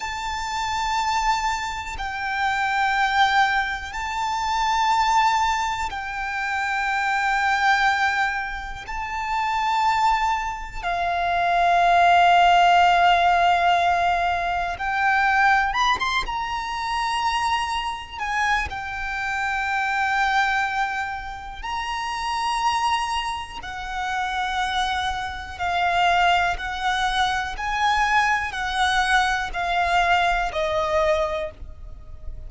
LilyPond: \new Staff \with { instrumentName = "violin" } { \time 4/4 \tempo 4 = 61 a''2 g''2 | a''2 g''2~ | g''4 a''2 f''4~ | f''2. g''4 |
b''16 c'''16 ais''2 gis''8 g''4~ | g''2 ais''2 | fis''2 f''4 fis''4 | gis''4 fis''4 f''4 dis''4 | }